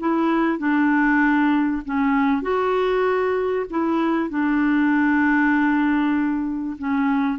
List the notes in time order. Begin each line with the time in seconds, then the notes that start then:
0.00 E4
0.59 D4
1.86 C#4
2.42 F#4
3.70 E4
4.30 D4
6.79 C#4